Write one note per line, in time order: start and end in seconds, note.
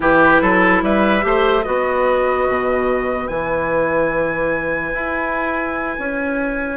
0.00 0.41 E3
0.00 1.21 E4
0.00 0.41 G4
0.00 0.83 B4
0.41 0.82 F#3
0.41 0.82 A4
0.82 1.23 G3
0.82 1.25 B4
0.82 1.63 E5
1.21 1.65 A3
1.21 1.62 G4
1.21 1.65 C5
1.63 2.48 B3
1.63 3.28 F#4
1.63 6.77 B4
1.63 3.27 D#5
2.48 3.28 B2
3.27 4.93 E3
3.27 6.77 E4
3.27 6.77 G#5
4.93 5.96 E4
5.98 6.77 C#4